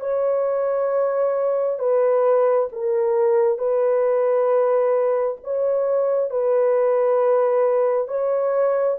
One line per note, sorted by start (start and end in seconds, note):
0.00 1.79 C#5
1.79 2.68 B4
2.72 3.58 A#4
3.58 5.37 B4
5.44 6.30 C#5
6.30 8.08 B4
8.08 8.97 C#5